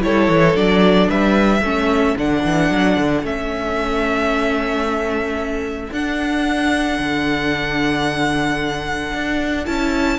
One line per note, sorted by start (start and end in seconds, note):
0.00 0.28 G3
0.00 0.54 E4
0.00 1.09 A4
0.00 0.56 C#5
0.28 0.55 E3
0.55 1.09 F#3
0.55 1.62 D4
0.55 1.10 D5
1.09 1.61 G3
1.09 1.62 B4
1.09 2.17 E5
1.61 2.15 A3
1.61 2.18 C#4
1.61 10.19 A4
2.17 2.44 D3
2.17 3.24 D4
2.17 3.26 F#5
2.44 2.70 E3
2.70 2.97 F#3
2.97 3.22 D3
3.22 5.90 A3
3.22 5.92 C#4
3.22 5.93 E5
5.91 6.98 D4
5.91 9.65 D4
5.91 9.66 F#5
6.99 9.13 D3
9.14 9.67 D4
9.65 10.19 C#4
9.65 10.19 E4
9.65 10.19 A5